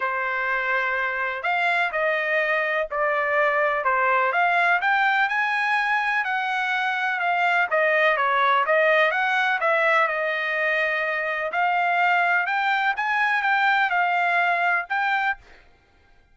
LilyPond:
\new Staff \with { instrumentName = "trumpet" } { \time 4/4 \tempo 4 = 125 c''2. f''4 | dis''2 d''2 | c''4 f''4 g''4 gis''4~ | gis''4 fis''2 f''4 |
dis''4 cis''4 dis''4 fis''4 | e''4 dis''2. | f''2 g''4 gis''4 | g''4 f''2 g''4 | }